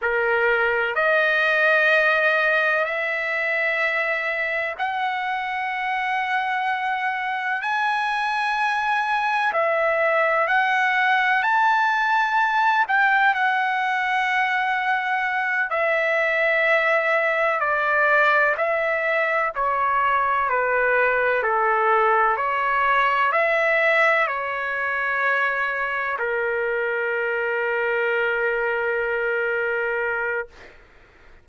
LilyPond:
\new Staff \with { instrumentName = "trumpet" } { \time 4/4 \tempo 4 = 63 ais'4 dis''2 e''4~ | e''4 fis''2. | gis''2 e''4 fis''4 | a''4. g''8 fis''2~ |
fis''8 e''2 d''4 e''8~ | e''8 cis''4 b'4 a'4 cis''8~ | cis''8 e''4 cis''2 ais'8~ | ais'1 | }